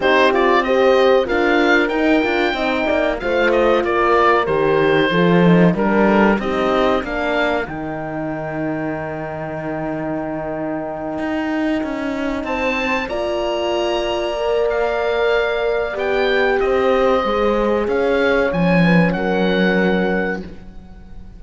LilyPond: <<
  \new Staff \with { instrumentName = "oboe" } { \time 4/4 \tempo 4 = 94 c''8 d''8 dis''4 f''4 g''4~ | g''4 f''8 dis''8 d''4 c''4~ | c''4 ais'4 dis''4 f''4 | g''1~ |
g''2.~ g''8 a''8~ | a''8 ais''2~ ais''8 f''4~ | f''4 g''4 dis''2 | f''4 gis''4 fis''2 | }
  \new Staff \with { instrumentName = "horn" } { \time 4/4 g'4 c''4 ais'2 | dis''8 d''8 c''4 ais'2 | a'4 ais'8 a'8 g'4 ais'4~ | ais'1~ |
ais'2.~ ais'8 c''8~ | c''8 d''2.~ d''8~ | d''2 c''2 | cis''4. b'8 ais'2 | }
  \new Staff \with { instrumentName = "horn" } { \time 4/4 dis'8 f'8 g'4 f'4 dis'8 f'8 | dis'4 f'2 g'4 | f'8 dis'8 d'4 dis'4 d'4 | dis'1~ |
dis'1~ | dis'8 f'2 ais'4.~ | ais'4 g'2 gis'4~ | gis'4 cis'2. | }
  \new Staff \with { instrumentName = "cello" } { \time 4/4 c'2 d'4 dis'8 d'8 | c'8 ais8 a4 ais4 dis4 | f4 g4 c'4 ais4 | dis1~ |
dis4. dis'4 cis'4 c'8~ | c'8 ais2.~ ais8~ | ais4 b4 c'4 gis4 | cis'4 f4 fis2 | }
>>